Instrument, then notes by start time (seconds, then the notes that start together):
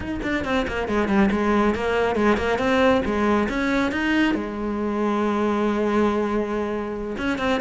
cello
0.00 D#4
0.23 D4
0.44 C4
0.67 A#3
0.88 G#3
1.08 G3
1.31 G#3
1.75 A#3
2.15 G#3
2.37 A#3
2.58 C4
3.05 G#3
3.48 C#4
3.91 D#4
4.34 G#3
7.17 C#4
7.38 C4